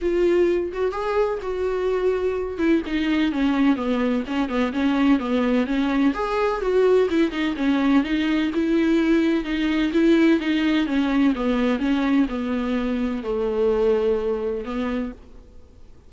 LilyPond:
\new Staff \with { instrumentName = "viola" } { \time 4/4 \tempo 4 = 127 f'4. fis'8 gis'4 fis'4~ | fis'4. e'8 dis'4 cis'4 | b4 cis'8 b8 cis'4 b4 | cis'4 gis'4 fis'4 e'8 dis'8 |
cis'4 dis'4 e'2 | dis'4 e'4 dis'4 cis'4 | b4 cis'4 b2 | a2. b4 | }